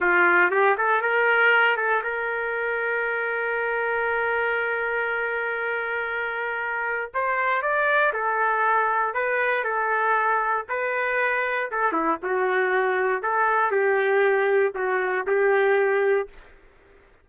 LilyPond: \new Staff \with { instrumentName = "trumpet" } { \time 4/4 \tempo 4 = 118 f'4 g'8 a'8 ais'4. a'8 | ais'1~ | ais'1~ | ais'2 c''4 d''4 |
a'2 b'4 a'4~ | a'4 b'2 a'8 e'8 | fis'2 a'4 g'4~ | g'4 fis'4 g'2 | }